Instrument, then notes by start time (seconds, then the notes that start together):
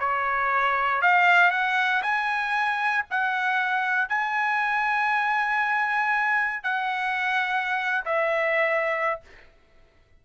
trumpet
0.00 C#5
1.02 F5
1.51 F#5
2.03 G#5
3.10 F#5
4.09 G#5
6.64 F#5
8.05 E5